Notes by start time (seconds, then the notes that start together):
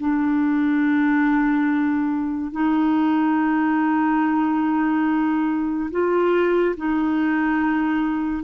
0.00 D4
2.52 D#4
5.91 F4
6.77 D#4